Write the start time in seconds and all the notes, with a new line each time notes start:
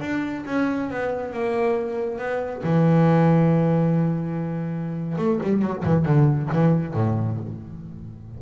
0.00 D4
0.46 C#4
0.90 B3
1.33 A#3
2.18 B3
2.63 E3
5.17 A3
5.43 G3
5.62 F#3
5.84 E3
6.05 D3
6.52 E3
6.94 A2